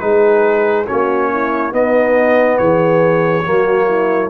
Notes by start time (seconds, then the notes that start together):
0.00 G#3 D#4 G#4 B4
0.87 A#3 C#4 F#4 C#5
1.32 E4
1.72 B3 D#4 D#5
2.58 E3 G#4 C#5
3.45 F#3 A#3 F#4
3.87 E4